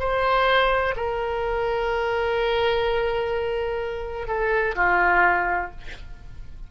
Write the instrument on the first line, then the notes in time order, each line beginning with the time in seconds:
oboe
0.00 C5
0.97 A#4
4.28 A4
4.76 F4